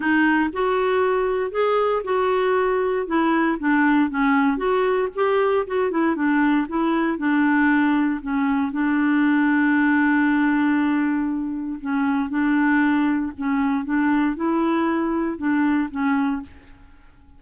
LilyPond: \new Staff \with { instrumentName = "clarinet" } { \time 4/4 \tempo 4 = 117 dis'4 fis'2 gis'4 | fis'2 e'4 d'4 | cis'4 fis'4 g'4 fis'8 e'8 | d'4 e'4 d'2 |
cis'4 d'2.~ | d'2. cis'4 | d'2 cis'4 d'4 | e'2 d'4 cis'4 | }